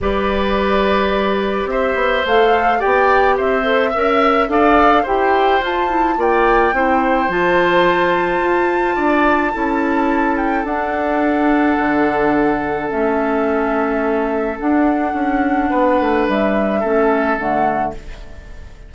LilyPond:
<<
  \new Staff \with { instrumentName = "flute" } { \time 4/4 \tempo 4 = 107 d''2. e''4 | f''4 g''4 e''2 | f''4 g''4 a''4 g''4~ | g''4 a''2.~ |
a''2~ a''8 g''8 fis''4~ | fis''2. e''4~ | e''2 fis''2~ | fis''4 e''2 fis''4 | }
  \new Staff \with { instrumentName = "oboe" } { \time 4/4 b'2. c''4~ | c''4 d''4 c''4 e''4 | d''4 c''2 d''4 | c''1 |
d''4 a'2.~ | a'1~ | a'1 | b'2 a'2 | }
  \new Staff \with { instrumentName = "clarinet" } { \time 4/4 g'1 | a'4 g'4. a'8 ais'4 | a'4 g'4 f'8 e'8 f'4 | e'4 f'2.~ |
f'4 e'2 d'4~ | d'2. cis'4~ | cis'2 d'2~ | d'2 cis'4 a4 | }
  \new Staff \with { instrumentName = "bassoon" } { \time 4/4 g2. c'8 b8 | a4 b4 c'4 cis'4 | d'4 e'4 f'4 ais4 | c'4 f2 f'4 |
d'4 cis'2 d'4~ | d'4 d2 a4~ | a2 d'4 cis'4 | b8 a8 g4 a4 d4 | }
>>